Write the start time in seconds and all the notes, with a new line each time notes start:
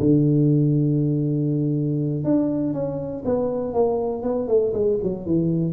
0.00 D3
2.24 D4
2.74 C#4
3.25 B3
3.74 A#3
4.23 B3
4.48 A3
4.73 G#3
5.03 F#3
5.26 E3